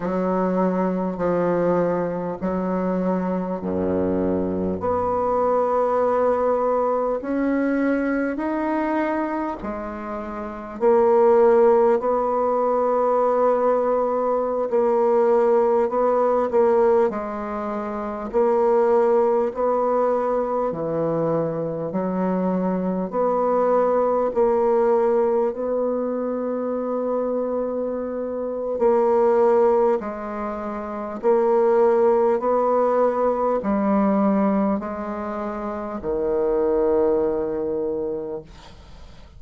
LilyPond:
\new Staff \with { instrumentName = "bassoon" } { \time 4/4 \tempo 4 = 50 fis4 f4 fis4 fis,4 | b2 cis'4 dis'4 | gis4 ais4 b2~ | b16 ais4 b8 ais8 gis4 ais8.~ |
ais16 b4 e4 fis4 b8.~ | b16 ais4 b2~ b8. | ais4 gis4 ais4 b4 | g4 gis4 dis2 | }